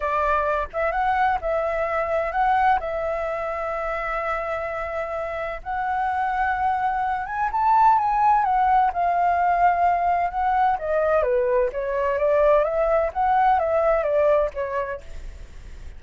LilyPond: \new Staff \with { instrumentName = "flute" } { \time 4/4 \tempo 4 = 128 d''4. e''8 fis''4 e''4~ | e''4 fis''4 e''2~ | e''1 | fis''2.~ fis''8 gis''8 |
a''4 gis''4 fis''4 f''4~ | f''2 fis''4 dis''4 | b'4 cis''4 d''4 e''4 | fis''4 e''4 d''4 cis''4 | }